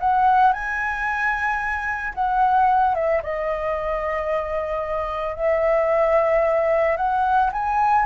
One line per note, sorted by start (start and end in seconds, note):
0.00 0.53 F#5
0.53 2.13 G#5
2.14 2.95 F#5
2.95 3.21 E5
3.23 5.36 D#5
5.36 6.97 E5
6.97 7.50 F#5
7.52 8.06 G#5